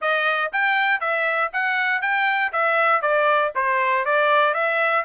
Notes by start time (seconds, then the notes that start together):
0.01 D#5
0.52 G5
1.00 E5
1.52 F#5
2.01 G5
2.52 E5
3.01 D5
3.55 C5
4.05 D5
4.54 E5